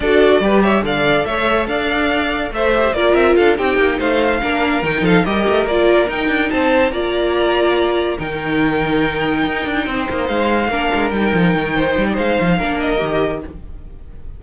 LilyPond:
<<
  \new Staff \with { instrumentName = "violin" } { \time 4/4 \tempo 4 = 143 d''4. e''8 f''4 e''4 | f''2 e''4 d''8 e''8 | f''8 g''4 f''2 g''8 | f''8 dis''4 d''4 g''4 a''8~ |
a''8 ais''2. g''8~ | g''1~ | g''8 f''2 g''4.~ | g''4 f''4. dis''4. | }
  \new Staff \with { instrumentName = "violin" } { \time 4/4 a'4 b'8 cis''8 d''4 cis''4 | d''2 c''4 ais'4 | a'8 g'4 c''4 ais'4. | a'8 ais'2. c''8~ |
c''8 d''2. ais'8~ | ais'2.~ ais'8 c''8~ | c''4. ais'2~ ais'8 | c''8. d''16 c''4 ais'2 | }
  \new Staff \with { instrumentName = "viola" } { \time 4/4 fis'4 g'4 a'2~ | a'2~ a'8 g'8 f'4~ | f'8 dis'2 d'4 dis'8~ | dis'8 g'4 f'4 dis'4.~ |
dis'8 f'2. dis'8~ | dis'1~ | dis'4. d'4 dis'4.~ | dis'2 d'4 g'4 | }
  \new Staff \with { instrumentName = "cello" } { \time 4/4 d'4 g4 d4 a4 | d'2 a4 ais8 c'8 | d'8 c'8 ais8 a4 ais4 dis8 | f8 g8 a8 ais4 dis'8 d'8 c'8~ |
c'8 ais2. dis8~ | dis2~ dis8 dis'8 d'8 c'8 | ais8 gis4 ais8 gis8 g8 f8 dis8~ | dis8 g8 gis8 f8 ais4 dis4 | }
>>